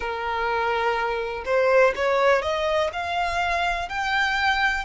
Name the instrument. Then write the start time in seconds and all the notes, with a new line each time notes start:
violin
0.00 A#4
1.45 C5
1.95 C#5
2.42 D#5
2.93 F5
3.88 G5